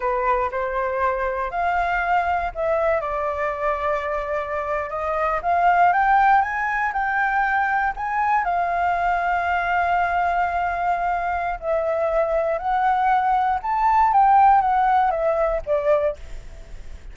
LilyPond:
\new Staff \with { instrumentName = "flute" } { \time 4/4 \tempo 4 = 119 b'4 c''2 f''4~ | f''4 e''4 d''2~ | d''4.~ d''16 dis''4 f''4 g''16~ | g''8. gis''4 g''2 gis''16~ |
gis''8. f''2.~ f''16~ | f''2. e''4~ | e''4 fis''2 a''4 | g''4 fis''4 e''4 d''4 | }